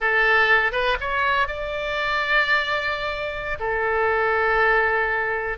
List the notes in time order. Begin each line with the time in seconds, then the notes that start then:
0.00 A4
0.72 B4
1.00 C#5
1.47 D5
3.59 A4